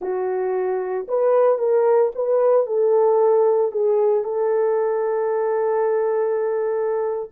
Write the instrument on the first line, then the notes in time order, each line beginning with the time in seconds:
horn
0.01 F#4
1.07 B4
1.58 A#4
2.15 B4
2.66 A4
3.71 G#4
4.24 A4